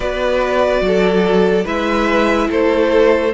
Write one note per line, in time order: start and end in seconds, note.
0.00 0.81 B3
0.00 1.63 F#4
0.00 0.83 B4
0.00 1.66 D5
0.81 1.64 F#3
0.81 1.64 A4
1.64 2.49 G#3
1.64 3.32 E4
1.64 2.48 B4
1.64 2.50 E5
2.50 3.33 A3
2.50 3.33 A4
2.50 3.33 C5